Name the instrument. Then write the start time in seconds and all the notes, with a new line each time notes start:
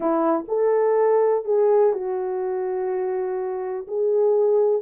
horn
0.00 E4
0.48 A4
1.45 G#4
1.93 F#4
3.87 G#4